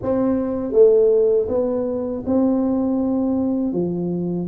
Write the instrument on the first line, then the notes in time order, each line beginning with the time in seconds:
tuba
0.02 C4
0.72 A3
1.48 B3
2.25 C4
3.73 F3